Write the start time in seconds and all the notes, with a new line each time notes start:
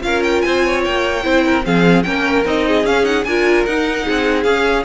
0.00 C#4 F4 A#4 F5
0.23 G5
0.41 C4 C5 G#5
0.65 C#5
0.84 A#3 G5
1.23 C4 E4 C5
1.45 A#4
1.62 F3 C4 G#4 F5
2.03 A#3 C#4 A#4 G5
2.45 C4 D#4 D#5
2.67 G#4
2.84 C#4 F5
3.03 D#4 F#5
3.24 D4 F4 A#4 G#5
3.65 D#4 F#5
4.04 C4 G#4
4.43 C#4 G#4 F5